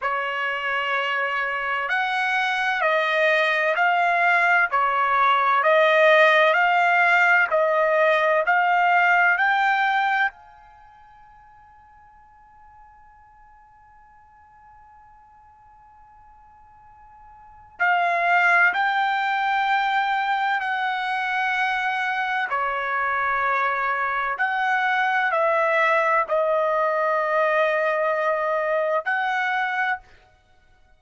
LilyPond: \new Staff \with { instrumentName = "trumpet" } { \time 4/4 \tempo 4 = 64 cis''2 fis''4 dis''4 | f''4 cis''4 dis''4 f''4 | dis''4 f''4 g''4 gis''4~ | gis''1~ |
gis''2. f''4 | g''2 fis''2 | cis''2 fis''4 e''4 | dis''2. fis''4 | }